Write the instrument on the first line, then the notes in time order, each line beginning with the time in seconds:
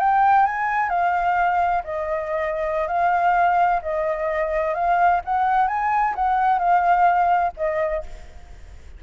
flute
0.00 G5
0.46 G#5
0.90 F5
1.85 D#5
2.88 F5
3.82 D#5
4.74 F5
5.25 F#5
5.68 G#5
6.15 F#5
6.59 F5
7.57 D#5